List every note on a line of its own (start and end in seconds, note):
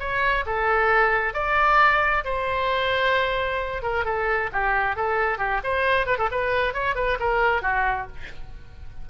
0.00 0.45 C#5
0.47 1.34 A4
1.34 2.24 D5
2.25 3.83 C5
3.83 4.05 A#4
4.05 4.50 A4
4.53 4.96 G4
4.96 5.39 A4
5.39 5.61 G4
5.64 6.07 C5
6.07 6.18 B4
6.18 6.30 A4
6.31 6.74 B4
6.74 6.96 C#5
6.96 7.18 B4
7.20 7.62 A#4
7.62 8.08 F#4